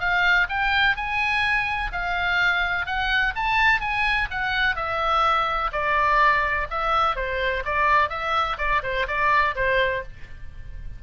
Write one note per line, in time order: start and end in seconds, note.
0.00 0.48 F5
0.49 0.96 G5
0.96 1.91 G#5
1.92 2.86 F5
2.86 3.34 F#5
3.35 3.81 A5
3.81 4.28 G#5
4.31 4.76 F#5
4.76 5.71 E5
5.72 6.68 D5
6.70 7.16 E5
7.16 7.63 C5
7.65 8.10 D5
8.10 8.57 E5
8.58 8.82 D5
8.83 9.07 C5
9.08 9.55 D5
9.55 10.03 C5